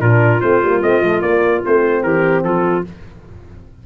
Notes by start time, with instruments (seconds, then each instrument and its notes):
0.00 tuba A#2, horn D4, clarinet F4, trumpet A#4
0.40 tuba A3, horn C4, trumpet C5
0.62 tuba G3, horn A#3
0.82 tuba A3, horn C4, trumpet D#5
1.00 tuba F3, horn A3
1.21 tuba A#3, horn A#3, trumpet D5
1.65 tuba A3, horn C4, trumpet C5
2.03 tuba E3, clarinet G4, trumpet A#4
2.43 tuba F3, clarinet F4, trumpet A4